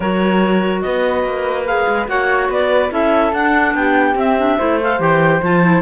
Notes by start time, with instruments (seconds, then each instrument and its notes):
0.00 cello F#3, clarinet F#4 C#5, flute A#4
0.81 cello B3, flute B4, clarinet D#5
1.24 cello A#3
1.66 clarinet G#4 F5
1.87 cello G#3
2.07 cello A#3, clarinet F#4 F#5, flute C#5
2.48 cello B3, flute B4, clarinet D5
2.89 cello C#4, clarinet E4 E5, flute A4
3.32 cello D4, clarinet D4 F#5
3.74 cello B3, flute G4, clarinet G5
4.14 cello C4, clarinet C4 E5
4.37 clarinet D4
4.57 cello A3, clarinet E4, flute C5
4.81 clarinet A4 F5
4.99 cello E3, clarinet G4 G5
5.42 cello F3, clarinet F4 A5
5.62 clarinet E4